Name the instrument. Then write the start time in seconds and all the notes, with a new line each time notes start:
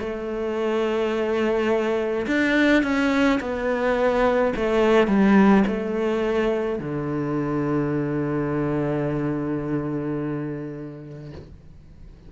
cello
0.00 A3
2.27 D4
2.83 C#4
3.40 B3
4.56 A3
5.07 G3
5.67 A3
6.79 D3